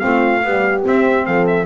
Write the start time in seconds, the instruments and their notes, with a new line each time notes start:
0.00 double bass A3, saxophone C4, horn F4, trumpet F5
0.44 saxophone G3, double bass B3, horn G4
0.84 saxophone C4, double bass C4, trumpet E5
1.26 double bass F3, horn A4, trumpet F5
1.47 trumpet E5